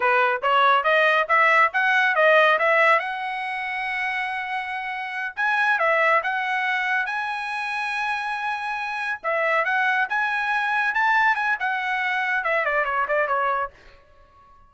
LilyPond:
\new Staff \with { instrumentName = "trumpet" } { \time 4/4 \tempo 4 = 140 b'4 cis''4 dis''4 e''4 | fis''4 dis''4 e''4 fis''4~ | fis''1~ | fis''8 gis''4 e''4 fis''4.~ |
fis''8 gis''2.~ gis''8~ | gis''4. e''4 fis''4 gis''8~ | gis''4. a''4 gis''8 fis''4~ | fis''4 e''8 d''8 cis''8 d''8 cis''4 | }